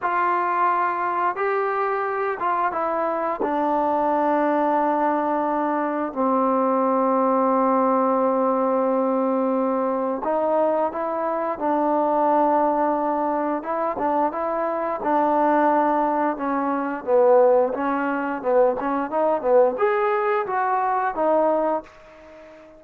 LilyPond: \new Staff \with { instrumentName = "trombone" } { \time 4/4 \tempo 4 = 88 f'2 g'4. f'8 | e'4 d'2.~ | d'4 c'2.~ | c'2. dis'4 |
e'4 d'2. | e'8 d'8 e'4 d'2 | cis'4 b4 cis'4 b8 cis'8 | dis'8 b8 gis'4 fis'4 dis'4 | }